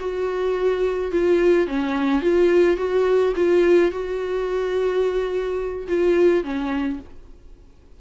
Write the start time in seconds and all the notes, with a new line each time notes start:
0.00 F#4
1.12 F4
1.67 C#4
2.22 F4
2.77 F#4
3.36 F4
3.92 F#4
5.88 F4
6.44 C#4